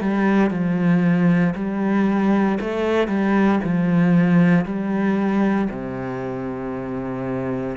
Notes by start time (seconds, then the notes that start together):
0.00 G3
0.50 F3
1.55 G3
2.60 A3
3.08 G3
3.64 F3
4.65 G3
5.70 C3